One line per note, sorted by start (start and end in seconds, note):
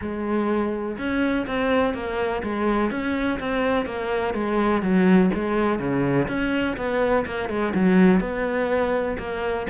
0.01 0.97 G#3
0.98 1.46 C#4
1.46 1.94 C4
1.94 2.42 A#3
2.43 2.90 G#3
2.90 3.39 C#4
3.39 3.85 C4
3.85 4.34 A#3
4.34 4.81 G#3
4.81 5.30 F#3
5.34 5.79 G#3
5.79 6.27 C#3
6.27 6.76 C#4
6.77 7.25 B3
7.26 7.49 A#3
7.49 7.73 G#3
7.74 8.20 F#3
8.20 9.17 B3
9.18 9.66 A#3